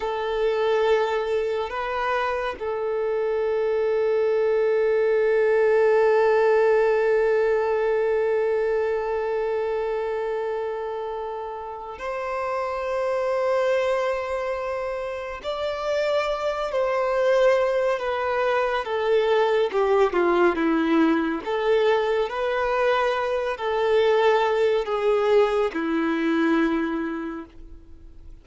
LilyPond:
\new Staff \with { instrumentName = "violin" } { \time 4/4 \tempo 4 = 70 a'2 b'4 a'4~ | a'1~ | a'1~ | a'2 c''2~ |
c''2 d''4. c''8~ | c''4 b'4 a'4 g'8 f'8 | e'4 a'4 b'4. a'8~ | a'4 gis'4 e'2 | }